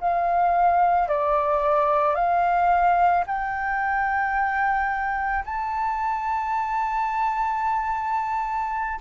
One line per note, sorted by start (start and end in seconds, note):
0.00 1.08 F5
1.08 2.15 D5
2.15 3.24 F5
3.26 5.44 G5
5.45 9.00 A5